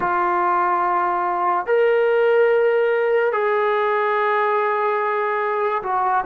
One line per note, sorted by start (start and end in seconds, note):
0.00 1.66 F4
1.66 3.32 A#4
3.32 5.82 G#4
5.82 6.24 F#4